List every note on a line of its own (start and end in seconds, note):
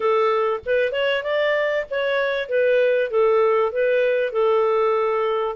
0.00 0.60 A4
0.65 0.92 B4
0.92 1.23 C#5
1.23 1.85 D5
1.90 2.48 C#5
2.48 3.10 B4
3.10 3.72 A4
3.72 4.32 B4
4.32 5.56 A4